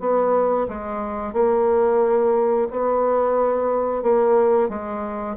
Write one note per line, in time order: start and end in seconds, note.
0.00 0.67 B3
0.68 1.34 G#3
1.34 2.68 A#3
2.71 4.03 B3
4.03 4.69 A#3
4.69 5.37 G#3